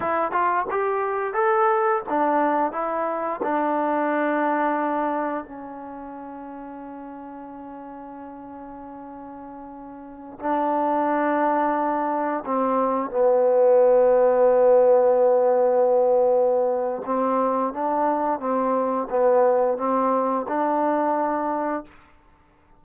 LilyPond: \new Staff \with { instrumentName = "trombone" } { \time 4/4 \tempo 4 = 88 e'8 f'8 g'4 a'4 d'4 | e'4 d'2. | cis'1~ | cis'2.~ cis'16 d'8.~ |
d'2~ d'16 c'4 b8.~ | b1~ | b4 c'4 d'4 c'4 | b4 c'4 d'2 | }